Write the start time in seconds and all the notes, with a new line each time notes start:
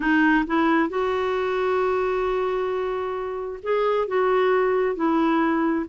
0.00 D#4
0.46 E4
0.89 F#4
3.62 G#4
4.07 F#4
4.95 E4